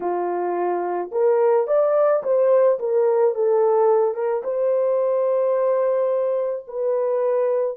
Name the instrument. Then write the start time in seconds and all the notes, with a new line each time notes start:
horn
0.00 F4
1.11 A#4
1.67 D5
2.23 C5
2.79 A#4
3.34 A4
4.14 A#4
4.43 C5
6.67 B4